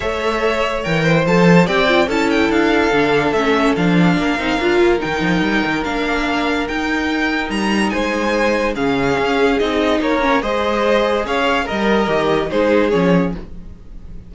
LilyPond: <<
  \new Staff \with { instrumentName = "violin" } { \time 4/4 \tempo 4 = 144 e''2 g''4 a''4 | g''4 a''8 g''8 f''2 | e''4 f''2. | g''2 f''2 |
g''2 ais''4 gis''4~ | gis''4 f''2 dis''4 | cis''4 dis''2 f''4 | dis''2 c''4 cis''4 | }
  \new Staff \with { instrumentName = "violin" } { \time 4/4 cis''2~ cis''8 c''4. | d''4 a'2.~ | a'2 ais'2~ | ais'1~ |
ais'2. c''4~ | c''4 gis'2. | ais'4 c''2 cis''4 | ais'2 gis'2 | }
  \new Staff \with { instrumentName = "viola" } { \time 4/4 a'2 ais'4 a'4 | g'8 f'8 e'2 d'4 | cis'4 d'4. dis'8 f'4 | dis'2 d'2 |
dis'1~ | dis'4 cis'2 dis'4~ | dis'8 cis'8 gis'2. | ais'4 g'4 dis'4 cis'4 | }
  \new Staff \with { instrumentName = "cello" } { \time 4/4 a2 e4 f4 | c'4 cis'4 d'4 d4 | a4 f4 ais8 c'8 d'8 ais8 | dis8 f8 g8 dis8 ais2 |
dis'2 g4 gis4~ | gis4 cis4 cis'4 c'4 | ais4 gis2 cis'4 | g4 dis4 gis4 f4 | }
>>